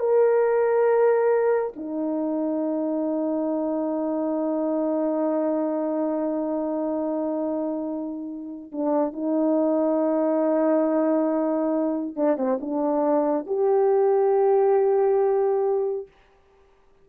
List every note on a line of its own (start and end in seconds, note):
0.00 1.74 A#4
1.76 8.72 D#4
8.73 9.13 D4
9.13 12.17 D#4
12.17 12.38 D4
12.38 12.59 C4
12.61 13.47 D4
13.47 16.08 G4